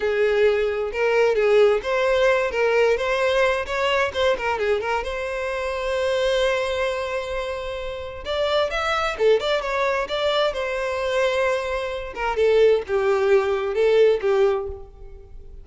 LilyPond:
\new Staff \with { instrumentName = "violin" } { \time 4/4 \tempo 4 = 131 gis'2 ais'4 gis'4 | c''4. ais'4 c''4. | cis''4 c''8 ais'8 gis'8 ais'8 c''4~ | c''1~ |
c''2 d''4 e''4 | a'8 d''8 cis''4 d''4 c''4~ | c''2~ c''8 ais'8 a'4 | g'2 a'4 g'4 | }